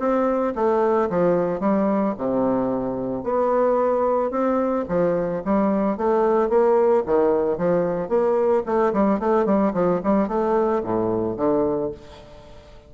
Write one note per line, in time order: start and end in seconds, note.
0.00 0.54 C4
0.56 1.10 A3
1.10 1.61 F3
1.61 2.15 G3
2.18 3.24 C3
3.24 4.31 B3
4.31 4.86 C4
4.89 5.43 F3
5.45 5.98 G3
5.98 6.50 A3
6.50 7.04 A#3
7.07 7.58 D#3
7.58 8.10 F3
8.10 8.64 A#3
8.66 8.93 A3
8.94 9.20 G3
9.20 9.46 A3
9.46 9.73 G3
9.74 10.01 F3
10.04 10.29 G3
10.29 10.83 A3
10.84 11.38 A2
11.38 11.92 D3